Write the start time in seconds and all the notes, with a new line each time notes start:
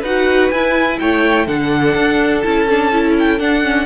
0.00 D#4 F#4 B4 F#5
0.51 E4 G#5
0.99 A3 C#5 G5
1.46 D3 D4 A4 F#5
1.96 D4
2.41 C#4 E4 A5
2.69 D4
2.92 E4
3.19 G5
3.39 D4 F#5
3.62 C#4